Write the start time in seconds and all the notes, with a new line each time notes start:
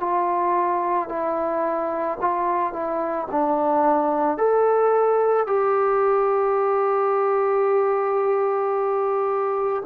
0.00 F4
1.09 E4
2.21 F4
2.73 E4
3.31 D4
4.38 A4
5.47 G4